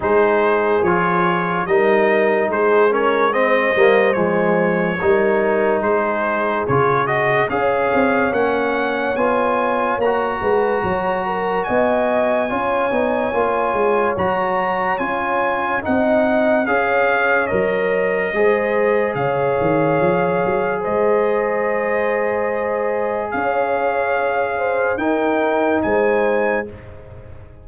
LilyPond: <<
  \new Staff \with { instrumentName = "trumpet" } { \time 4/4 \tempo 4 = 72 c''4 cis''4 dis''4 c''8 cis''8 | dis''4 cis''2 c''4 | cis''8 dis''8 f''4 fis''4 gis''4 | ais''2 gis''2~ |
gis''4 ais''4 gis''4 fis''4 | f''4 dis''2 f''4~ | f''4 dis''2. | f''2 g''4 gis''4 | }
  \new Staff \with { instrumentName = "horn" } { \time 4/4 gis'2 ais'4 gis'8 ais'8 | c''2 ais'4 gis'4~ | gis'4 cis''2.~ | cis''8 b'8 cis''8 ais'8 dis''4 cis''4~ |
cis''2. dis''4 | cis''2 c''4 cis''4~ | cis''4 c''2. | cis''4. c''8 ais'4 c''4 | }
  \new Staff \with { instrumentName = "trombone" } { \time 4/4 dis'4 f'4 dis'4. cis'8 | c'8 ais8 gis4 dis'2 | f'8 fis'8 gis'4 cis'4 f'4 | fis'2. f'8 dis'8 |
f'4 fis'4 f'4 dis'4 | gis'4 ais'4 gis'2~ | gis'1~ | gis'2 dis'2 | }
  \new Staff \with { instrumentName = "tuba" } { \time 4/4 gis4 f4 g4 gis4~ | gis8 g8 f4 g4 gis4 | cis4 cis'8 c'8 ais4 b4 | ais8 gis8 fis4 b4 cis'8 b8 |
ais8 gis8 fis4 cis'4 c'4 | cis'4 fis4 gis4 cis8 dis8 | f8 fis8 gis2. | cis'2 dis'4 gis4 | }
>>